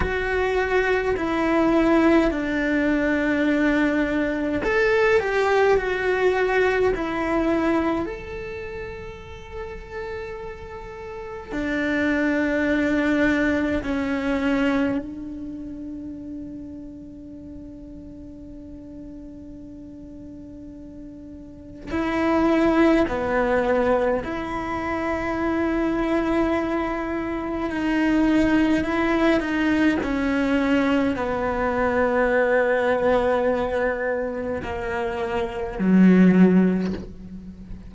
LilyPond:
\new Staff \with { instrumentName = "cello" } { \time 4/4 \tempo 4 = 52 fis'4 e'4 d'2 | a'8 g'8 fis'4 e'4 a'4~ | a'2 d'2 | cis'4 d'2.~ |
d'2. e'4 | b4 e'2. | dis'4 e'8 dis'8 cis'4 b4~ | b2 ais4 fis4 | }